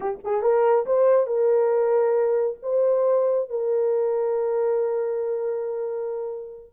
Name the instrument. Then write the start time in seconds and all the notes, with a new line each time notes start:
horn
0.00 G4
0.24 G#4
0.42 A#4
0.86 C5
1.26 A#4
2.62 C5
3.49 A#4